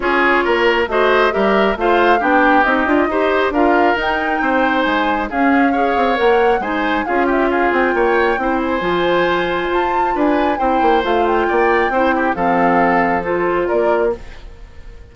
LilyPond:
<<
  \new Staff \with { instrumentName = "flute" } { \time 4/4 \tempo 4 = 136 cis''2 dis''4 e''4 | f''4 g''4 dis''2 | f''4 g''2 gis''4 | f''2 fis''4 gis''4 |
f''8 e''8 f''8 g''2 gis''8~ | gis''2 a''4 gis''4 | g''4 f''8 g''2~ g''8 | f''2 c''4 d''4 | }
  \new Staff \with { instrumentName = "oboe" } { \time 4/4 gis'4 ais'4 c''4 ais'4 | c''4 g'2 c''4 | ais'2 c''2 | gis'4 cis''2 c''4 |
gis'8 g'8 gis'4 cis''4 c''4~ | c''2. b'4 | c''2 d''4 c''8 g'8 | a'2. ais'4 | }
  \new Staff \with { instrumentName = "clarinet" } { \time 4/4 f'2 fis'4 g'4 | f'4 d'4 dis'8 f'8 g'4 | f'4 dis'2. | cis'4 gis'4 ais'4 dis'4 |
f'2. e'4 | f'1 | e'4 f'2 e'4 | c'2 f'2 | }
  \new Staff \with { instrumentName = "bassoon" } { \time 4/4 cis'4 ais4 a4 g4 | a4 b4 c'8 d'8 dis'4 | d'4 dis'4 c'4 gis4 | cis'4. c'8 ais4 gis4 |
cis'4. c'8 ais4 c'4 | f2 f'4 d'4 | c'8 ais8 a4 ais4 c'4 | f2. ais4 | }
>>